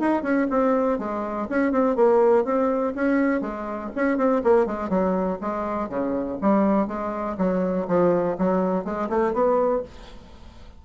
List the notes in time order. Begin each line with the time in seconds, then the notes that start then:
0.00 D#4
0.23 C#4
0.51 C4
0.99 G#3
1.50 C#4
1.72 C4
1.96 A#3
2.45 C4
2.95 C#4
3.41 G#3
3.96 C#4
4.18 C4
4.44 A#3
4.67 G#3
4.90 F#3
5.41 G#3
5.89 C#3
6.42 G3
6.88 G#3
7.38 F#3
7.88 F3
8.39 F#3
8.85 G#3
9.10 A3
9.34 B3